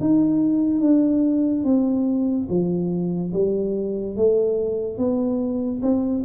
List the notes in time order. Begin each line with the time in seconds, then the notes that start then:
0.00 D#4
0.80 D4
1.64 C4
2.48 F3
3.33 G3
4.16 A3
4.97 B3
5.82 C4